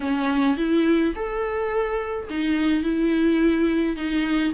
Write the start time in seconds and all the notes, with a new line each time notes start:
0.00 C#4
0.57 E4
1.15 A4
2.29 D#4
2.83 E4
3.96 D#4